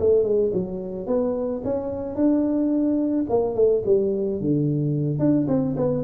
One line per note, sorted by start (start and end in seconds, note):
0.00 0.24 A3
0.24 0.51 G#3
0.54 1.07 F#3
1.07 1.62 B3
1.65 2.15 C#4
2.15 3.26 D4
3.30 3.55 A#3
3.55 3.83 A3
3.86 4.41 G3
4.41 5.19 D3
5.19 5.47 D4
5.48 5.75 C4
5.77 6.04 B3